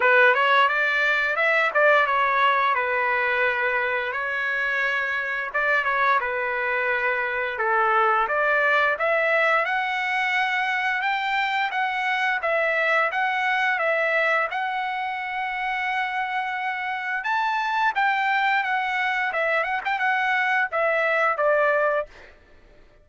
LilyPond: \new Staff \with { instrumentName = "trumpet" } { \time 4/4 \tempo 4 = 87 b'8 cis''8 d''4 e''8 d''8 cis''4 | b'2 cis''2 | d''8 cis''8 b'2 a'4 | d''4 e''4 fis''2 |
g''4 fis''4 e''4 fis''4 | e''4 fis''2.~ | fis''4 a''4 g''4 fis''4 | e''8 fis''16 g''16 fis''4 e''4 d''4 | }